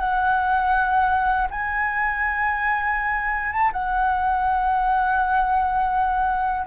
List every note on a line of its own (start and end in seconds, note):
0.00 1.48 F#5
1.51 3.53 G#5
3.53 3.71 A5
3.73 6.67 F#5